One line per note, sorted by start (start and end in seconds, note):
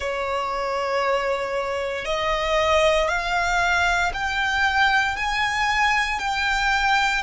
0.00 2.05 C#5
2.05 3.08 D#5
3.08 4.11 F5
4.13 5.16 G5
5.16 6.19 G#5
6.19 7.22 G5